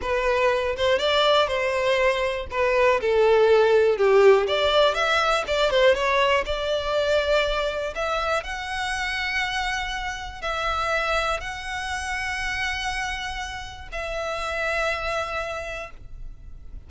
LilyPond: \new Staff \with { instrumentName = "violin" } { \time 4/4 \tempo 4 = 121 b'4. c''8 d''4 c''4~ | c''4 b'4 a'2 | g'4 d''4 e''4 d''8 c''8 | cis''4 d''2. |
e''4 fis''2.~ | fis''4 e''2 fis''4~ | fis''1 | e''1 | }